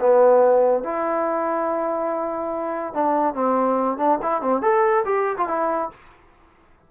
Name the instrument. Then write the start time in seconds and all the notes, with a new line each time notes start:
trombone
0.00 B3
0.83 E4
2.93 D4
3.34 C4
3.97 D4
4.22 E4
4.41 C4
4.62 A4
5.05 G4
5.37 F4
5.48 E4